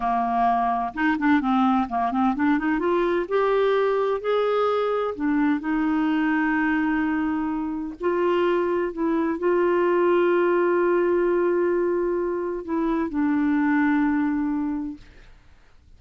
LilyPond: \new Staff \with { instrumentName = "clarinet" } { \time 4/4 \tempo 4 = 128 ais2 dis'8 d'8 c'4 | ais8 c'8 d'8 dis'8 f'4 g'4~ | g'4 gis'2 d'4 | dis'1~ |
dis'4 f'2 e'4 | f'1~ | f'2. e'4 | d'1 | }